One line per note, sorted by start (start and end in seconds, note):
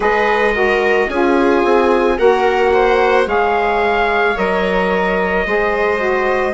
0.00 1.06 G#3
0.00 0.54 G#4
0.00 0.54 B4
0.00 1.09 D#5
0.54 1.08 F#4
0.54 1.08 A#4
1.08 1.63 C#4
1.08 2.17 F4
1.08 2.17 G#4
1.08 2.18 G#5
1.63 2.18 C4
2.17 3.26 A#3
2.17 3.25 F#4
2.17 2.72 A#4
2.17 3.27 F#5
2.72 3.27 C5
3.25 4.35 G#3
3.25 4.35 G#4
3.25 5.45 C#5
3.25 4.37 F5
4.36 5.45 F#3
4.36 5.45 A#4
4.36 6.53 D#5
5.45 6.53 G#3
5.45 5.97 G#4
5.45 6.53 C5
5.97 6.52 F#4